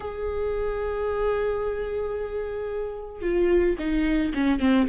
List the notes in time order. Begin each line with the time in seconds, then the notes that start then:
0.00 G#4
3.21 F4
3.78 D#4
4.34 C#4
4.59 C4